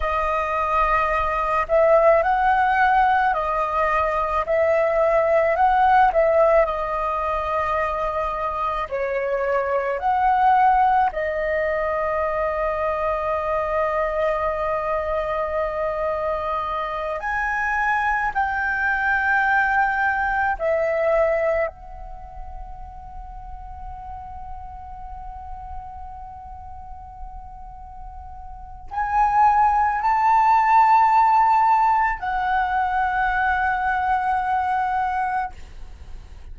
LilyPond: \new Staff \with { instrumentName = "flute" } { \time 4/4 \tempo 4 = 54 dis''4. e''8 fis''4 dis''4 | e''4 fis''8 e''8 dis''2 | cis''4 fis''4 dis''2~ | dis''2.~ dis''8 gis''8~ |
gis''8 g''2 e''4 fis''8~ | fis''1~ | fis''2 gis''4 a''4~ | a''4 fis''2. | }